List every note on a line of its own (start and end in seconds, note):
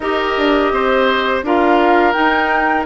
0.00 0.33 D#4
0.00 1.44 G4
0.00 0.72 A#4
0.00 1.40 D#5
0.37 0.71 D4
0.71 1.42 C4
0.71 1.45 C5
1.42 2.14 D4
1.42 2.13 F4
1.42 2.86 A#4
1.42 2.12 F5
2.12 2.85 D#4
2.12 2.86 D#4
2.12 2.83 G5